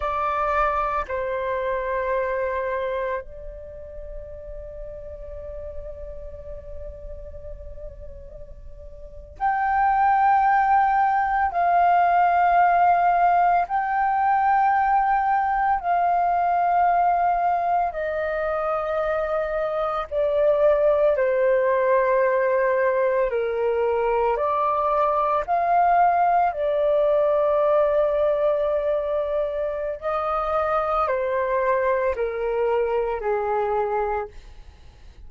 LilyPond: \new Staff \with { instrumentName = "flute" } { \time 4/4 \tempo 4 = 56 d''4 c''2 d''4~ | d''1~ | d''8. g''2 f''4~ f''16~ | f''8. g''2 f''4~ f''16~ |
f''8. dis''2 d''4 c''16~ | c''4.~ c''16 ais'4 d''4 f''16~ | f''8. d''2.~ d''16 | dis''4 c''4 ais'4 gis'4 | }